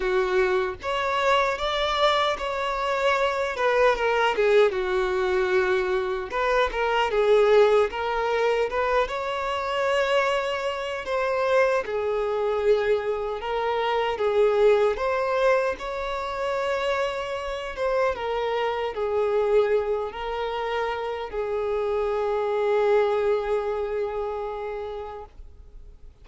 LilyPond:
\new Staff \with { instrumentName = "violin" } { \time 4/4 \tempo 4 = 76 fis'4 cis''4 d''4 cis''4~ | cis''8 b'8 ais'8 gis'8 fis'2 | b'8 ais'8 gis'4 ais'4 b'8 cis''8~ | cis''2 c''4 gis'4~ |
gis'4 ais'4 gis'4 c''4 | cis''2~ cis''8 c''8 ais'4 | gis'4. ais'4. gis'4~ | gis'1 | }